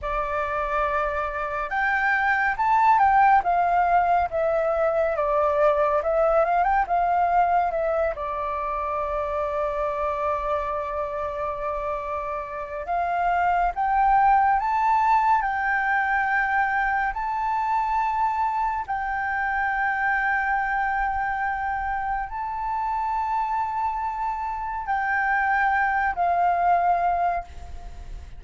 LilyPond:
\new Staff \with { instrumentName = "flute" } { \time 4/4 \tempo 4 = 70 d''2 g''4 a''8 g''8 | f''4 e''4 d''4 e''8 f''16 g''16 | f''4 e''8 d''2~ d''8~ | d''2. f''4 |
g''4 a''4 g''2 | a''2 g''2~ | g''2 a''2~ | a''4 g''4. f''4. | }